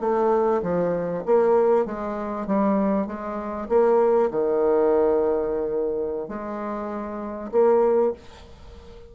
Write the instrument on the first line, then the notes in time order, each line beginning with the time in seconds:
bassoon
0.00 A3
0.62 F3
1.25 A#3
1.85 G#3
2.47 G3
3.06 G#3
3.68 A#3
4.31 D#3
6.28 G#3
7.51 A#3